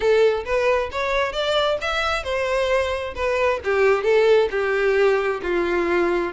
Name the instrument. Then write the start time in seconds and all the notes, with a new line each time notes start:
violin
0.00 A4
0.45 B4
0.91 C#5
1.32 D5
1.81 E5
2.23 C5
3.15 B4
3.64 G4
4.03 A4
4.50 G4
5.42 F4